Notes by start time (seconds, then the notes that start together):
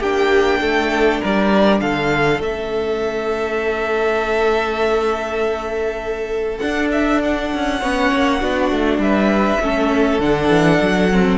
0.00 A#3 D4 G4 G5
0.61 A3 A4
1.21 G3 A#4 D5
1.81 D3 A4 F5
2.40 A3 C#4 E5
6.58 D4 F#5
6.92 E5
7.23 F#5
7.54 C#4
7.80 B3 C#4 C#5
8.13 A#3
8.40 B3 D4 F#4
8.72 A3
8.98 G3 B4 E5
9.61 A3 C#4 A4
10.19 D3 D4 F#5
10.49 E3
10.82 F#3
11.12 C4